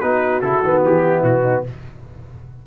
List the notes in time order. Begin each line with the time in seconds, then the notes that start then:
0.00 B3 D#4 F#4 B4
0.42 C#3 E4 A4
0.64 D#3 B3
0.86 E3 G4
1.03 E4
1.23 B2 F#4
1.43 D#4